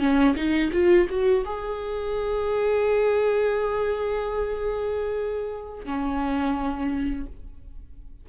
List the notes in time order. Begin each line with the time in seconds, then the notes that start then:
0.00 C#4
0.36 D#4
0.73 F4
1.10 F#4
1.46 G#4
5.86 C#4